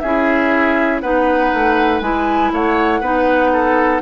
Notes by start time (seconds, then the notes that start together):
0.00 C#4 E4 G#4 E5
1.01 B3 D#4 B4 F#5
1.54 A3
2.01 G#3 E4 G#5
2.53 A3 C#5 F#5
3.01 B3 D#4 B4
3.53 A4